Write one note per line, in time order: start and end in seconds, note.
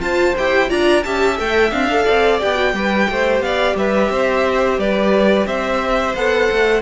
0.00 0.34 F4
0.00 0.36 F4
0.00 0.69 C5
0.00 0.35 A5
0.38 0.72 E4
0.38 0.69 G4
0.38 0.70 G5
0.69 1.06 D4
0.69 1.03 F4
0.69 1.03 D5
0.69 1.04 A#5
1.04 1.39 C#4
1.04 1.37 G4
1.04 2.05 E5
1.04 1.38 A5
1.37 1.72 A3
1.37 1.71 A4
1.37 1.72 G5
1.72 1.90 C4
1.72 2.06 D4
1.72 2.40 F5
1.91 2.40 A4
2.05 2.42 C4
2.05 2.73 D5
2.40 2.74 B3
2.40 2.56 G4
2.40 3.42 G5
2.56 2.73 F#4
2.74 3.08 G3
2.74 6.16 G4
2.74 3.11 B4
3.10 3.40 A3
3.10 3.45 C5
3.40 3.74 B3
3.40 3.78 D5
3.40 3.76 F5
3.76 4.10 G3
3.76 4.12 B4
3.76 4.80 E5
4.10 4.78 C4
4.10 4.79 C5
4.78 5.46 G3
4.78 5.47 B4
4.78 5.47 D5
5.47 6.15 C4
5.47 6.82 C5
5.47 6.15 E5
6.15 6.49 B3
6.15 6.82 A4
6.15 6.82 F#5
6.52 6.82 A3